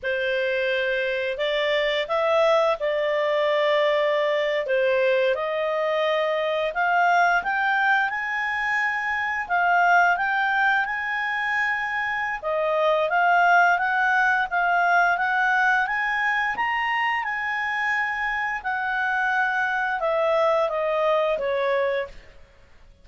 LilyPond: \new Staff \with { instrumentName = "clarinet" } { \time 4/4 \tempo 4 = 87 c''2 d''4 e''4 | d''2~ d''8. c''4 dis''16~ | dis''4.~ dis''16 f''4 g''4 gis''16~ | gis''4.~ gis''16 f''4 g''4 gis''16~ |
gis''2 dis''4 f''4 | fis''4 f''4 fis''4 gis''4 | ais''4 gis''2 fis''4~ | fis''4 e''4 dis''4 cis''4 | }